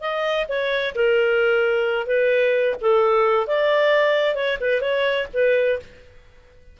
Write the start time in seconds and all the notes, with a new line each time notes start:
0.00 D#5
0.48 C#5
0.94 A#4
2.06 B4
2.80 A4
3.47 D5
4.34 C#5
4.60 B4
4.81 C#5
5.33 B4